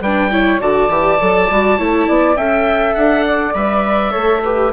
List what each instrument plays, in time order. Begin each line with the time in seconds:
0.00 bassoon G3, viola D4, flute B4, oboe G5
0.31 viola E4, flute C#5
0.60 bassoon D3, viola F#4, flute D5, oboe A5
0.89 bassoon E3, viola G4
1.20 bassoon F#3, viola A4
1.50 bassoon G3, viola F#4
1.78 bassoon A3, viola E4, flute C#5
2.07 bassoon B3, flute D5
2.36 bassoon C#4, viola A4, flute E5, oboe G5
2.94 bassoon D4, oboe F#5
3.27 flute D5
3.54 bassoon G3, viola B4, oboe E5
4.10 bassoon A3, viola A4, flute C#5
4.44 viola G4, flute B4